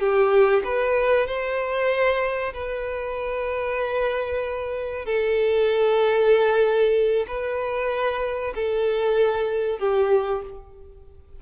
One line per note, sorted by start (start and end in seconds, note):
0.00 0.63 G4
0.65 1.27 B4
1.27 2.53 C5
2.54 5.06 B4
5.06 7.27 A4
7.28 8.54 B4
8.55 9.80 A4
9.80 10.43 G4